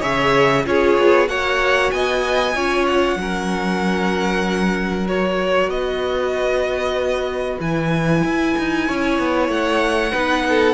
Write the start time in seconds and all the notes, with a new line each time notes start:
0.00 C#3 G#4 C#5 E5
0.64 C#4 F4 G#4 C#5
0.98 B3
1.27 A#3 F#4 C#5 F#5
1.91 B3 D#5 G#5
2.55 C#4 F4 C#5
2.87 F#5
3.16 F#3 C#4 A#4
5.07 F#4 C#5
5.68 B3 B4 D#5
7.60 E3 E4 G#5
8.24 E4
8.59 D#4
8.88 C#4 C#5
9.19 B3
9.49 A3 F#5
10.12 B3 D#4 B4
10.49 A4